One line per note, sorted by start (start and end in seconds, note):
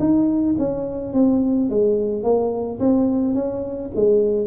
0.00 0.56 D#4
0.59 1.14 C#4
1.14 1.70 C4
1.70 2.24 G#3
2.24 2.80 A#3
2.80 3.35 C4
3.35 3.91 C#4
3.95 4.47 G#3